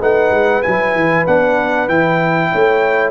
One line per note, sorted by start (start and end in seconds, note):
0.00 0.31 A3
0.00 0.63 D#4
0.00 2.50 B4
0.00 0.62 F#5
0.31 0.62 G#3
0.62 0.95 F#3
0.62 1.26 E4
0.62 1.25 G#5
0.95 1.26 E3
1.26 1.88 B3
1.26 1.88 D4
1.26 1.88 F#5
1.88 2.51 E3
1.88 3.11 E4
1.88 3.11 G5
2.52 3.11 A3
2.52 3.11 C#5